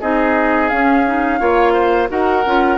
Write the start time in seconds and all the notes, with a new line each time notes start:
0.00 C4 D#4 G#4 D#5
0.68 C#4 F5
1.06 D#4
1.39 A#3 F4 C#5
1.73 C5
2.08 D#4 F#4 A#4 F#5
2.45 C#4 F4